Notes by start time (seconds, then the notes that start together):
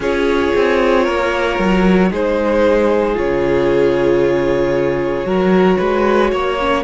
0.00 C#4 F4 G#4 C#5
0.55 C4
1.04 A#3 A#4
1.58 F#3
2.10 G#3 D#4 G#4 C5
3.14 C#3 F4 C#5
5.24 F#3 F#4 A#4
5.78 G#3 B4
6.31 A#3 C#5
6.59 C#4